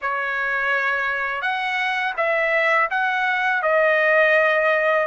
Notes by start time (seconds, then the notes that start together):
0.01 C#5
1.41 F#5
2.17 E5
2.90 F#5
3.62 D#5